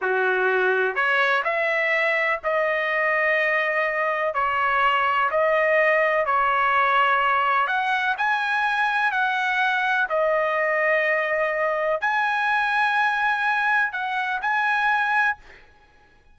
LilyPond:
\new Staff \with { instrumentName = "trumpet" } { \time 4/4 \tempo 4 = 125 fis'2 cis''4 e''4~ | e''4 dis''2.~ | dis''4 cis''2 dis''4~ | dis''4 cis''2. |
fis''4 gis''2 fis''4~ | fis''4 dis''2.~ | dis''4 gis''2.~ | gis''4 fis''4 gis''2 | }